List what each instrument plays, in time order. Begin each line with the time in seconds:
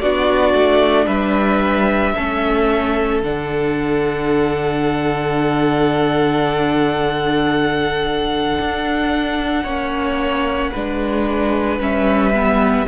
0.00 cello B3, viola D4, violin F#4 D5
0.54 cello A3
1.06 cello G3, violin B4 E5
2.15 cello A3, viola C#4, violin A4
3.23 cello D3, viola D4, violin F#5
8.60 cello D4
9.63 cello A#3, viola C#4, violin C#5
10.72 cello G#3, viola D4, violin B4
11.79 cello G3, viola C#4, violin E5
12.34 viola B3